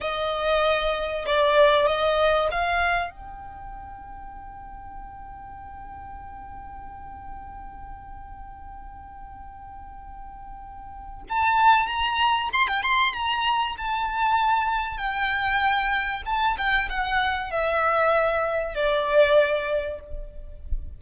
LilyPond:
\new Staff \with { instrumentName = "violin" } { \time 4/4 \tempo 4 = 96 dis''2 d''4 dis''4 | f''4 g''2.~ | g''1~ | g''1~ |
g''2 a''4 ais''4 | c'''16 g''16 c'''8 ais''4 a''2 | g''2 a''8 g''8 fis''4 | e''2 d''2 | }